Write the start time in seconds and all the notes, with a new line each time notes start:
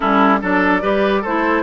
0.00 G3 C#4 E4 A4
0.41 F#3 D4 A4 D5
0.81 G3 G4 B4
1.21 A3 E4 A4 C5